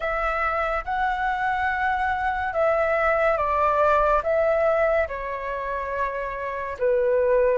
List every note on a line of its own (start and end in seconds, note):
0.00 0.84 E5
0.85 2.53 F#5
2.53 3.37 E5
3.37 4.21 D5
4.23 5.07 E5
5.08 6.77 C#5
6.78 7.58 B4